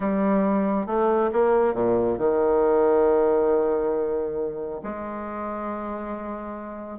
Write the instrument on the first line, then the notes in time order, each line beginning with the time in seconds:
bassoon
0.00 G3
0.86 A3
1.32 A#3
1.74 A#2
2.18 D#3
4.83 G#3